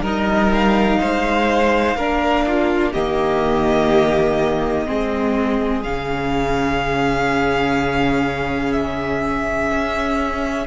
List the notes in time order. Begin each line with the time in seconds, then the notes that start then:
0.00 G3 D#4 A#4 D#5
0.53 F5
1.00 G#3 C5
1.95 A#3 D4 A#4
2.46 F4
2.92 D#3 A#3 G4 D#5
4.86 G#3 C4 G#4
5.82 C#3 C#4 F5
8.72 E5
9.71 C#4